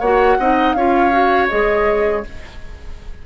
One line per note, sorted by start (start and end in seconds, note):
0.00 0.37 A#3
0.00 0.40 F#4
0.00 0.37 C#5
0.00 0.73 F#5
0.39 0.75 C4
0.39 0.77 D#4
0.39 0.76 D#5
0.73 1.49 C#4
0.73 1.12 F4
0.73 2.24 C#5
0.73 1.47 F5
1.12 1.49 F#4
1.49 2.26 G#3
1.49 2.24 G#4
1.49 2.23 D#5